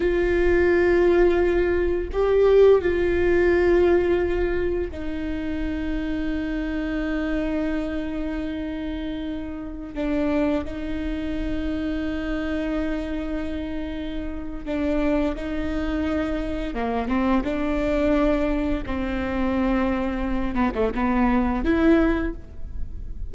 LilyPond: \new Staff \with { instrumentName = "viola" } { \time 4/4 \tempo 4 = 86 f'2. g'4 | f'2. dis'4~ | dis'1~ | dis'2~ dis'16 d'4 dis'8.~ |
dis'1~ | dis'4 d'4 dis'2 | ais8 c'8 d'2 c'4~ | c'4. b16 a16 b4 e'4 | }